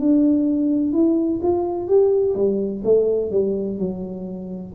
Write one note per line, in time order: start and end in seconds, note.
0.00 0.93 D4
0.93 1.41 E4
1.43 1.88 F4
1.88 2.35 G4
2.35 2.83 G3
2.85 3.32 A3
3.32 3.78 G3
3.78 4.74 F#3